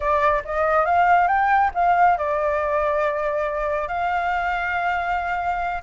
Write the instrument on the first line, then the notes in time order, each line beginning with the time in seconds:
flute
0.00 D5
0.44 D#5
0.85 F5
1.27 G5
1.74 F5
2.17 D5
3.88 F5